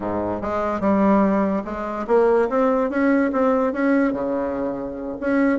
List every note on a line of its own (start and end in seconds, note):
0.00 0.41 G#2
0.41 0.80 G#3
0.80 1.63 G3
1.64 2.06 G#3
2.07 2.48 A#3
2.49 2.90 C4
2.90 3.31 C#4
3.32 3.73 C4
3.73 4.13 C#4
4.13 5.16 C#3
5.20 5.59 C#4